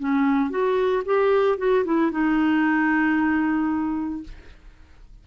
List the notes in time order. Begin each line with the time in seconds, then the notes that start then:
0.00 C#4
0.50 F#4
1.05 G4
1.58 F#4
1.85 E4
2.11 D#4